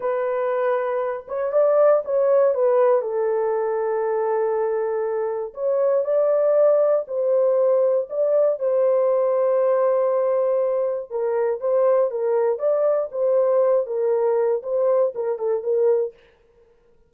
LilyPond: \new Staff \with { instrumentName = "horn" } { \time 4/4 \tempo 4 = 119 b'2~ b'8 cis''8 d''4 | cis''4 b'4 a'2~ | a'2. cis''4 | d''2 c''2 |
d''4 c''2.~ | c''2 ais'4 c''4 | ais'4 d''4 c''4. ais'8~ | ais'4 c''4 ais'8 a'8 ais'4 | }